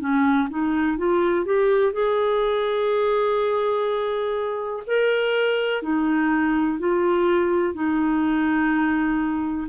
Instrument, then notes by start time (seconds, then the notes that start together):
clarinet
0.00 C#4
0.50 D#4
0.98 F4
1.46 G4
1.93 G#4
4.87 A#4
5.82 D#4
6.79 F4
7.74 D#4